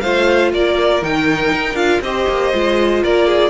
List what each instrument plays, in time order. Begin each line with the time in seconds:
0.00 cello A3, viola F4, violin C5 F5
0.52 cello A#3, violin A#4 D5
1.02 cello D#3, viola D#4, violin G5
1.51 cello D#4
1.74 cello D4, viola F4, violin F5
2.01 cello C4, viola G4, violin C5 D#5
2.28 cello A#3
2.53 cello G#3, viola F4
3.03 cello A#3, violin A#4 D5
3.27 violin G#4